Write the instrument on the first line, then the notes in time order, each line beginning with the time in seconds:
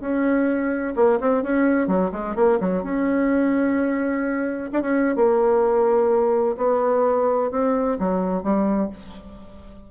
bassoon
0.00 C#4
0.95 A#3
1.20 C4
1.43 C#4
1.87 F#3
2.12 G#3
2.35 A#3
2.60 F#3
2.83 C#4
4.72 D4
4.81 C#4
5.15 A#3
6.57 B3
7.50 C4
7.99 F#3
8.43 G3